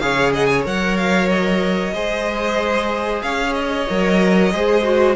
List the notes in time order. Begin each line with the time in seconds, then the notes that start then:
0.00 C#3 G#4 C#5 F5
0.33 D#5 F#5
0.46 C#5 G#5
0.64 F#3 A#4 F#5
0.97 F5
1.30 D#5
1.94 G#3 G#4 C5
3.22 C#4 C#5 F5
3.54 D#5
3.90 F#3 A#4
4.52 G#3 G#4 C5
4.84 F#4